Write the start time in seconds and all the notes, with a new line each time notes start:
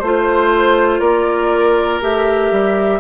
0.00 A3 F4 C5
0.99 A#3 A#4 D5
2.01 A3 G4 E5
2.51 G3